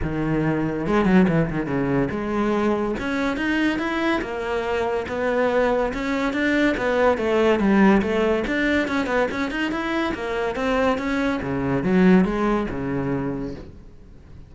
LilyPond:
\new Staff \with { instrumentName = "cello" } { \time 4/4 \tempo 4 = 142 dis2 gis8 fis8 e8 dis8 | cis4 gis2 cis'4 | dis'4 e'4 ais2 | b2 cis'4 d'4 |
b4 a4 g4 a4 | d'4 cis'8 b8 cis'8 dis'8 e'4 | ais4 c'4 cis'4 cis4 | fis4 gis4 cis2 | }